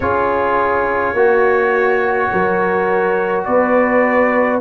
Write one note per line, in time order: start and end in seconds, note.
0.00 1.13 C#4
0.00 1.15 F4
0.00 1.15 G#4
0.00 3.42 C#5
1.13 2.28 A#3
1.13 4.61 F#4
1.13 2.31 F#4
2.32 3.46 F#3
2.32 3.46 A#4
3.44 4.61 B3
3.44 4.61 B4
3.44 4.59 D5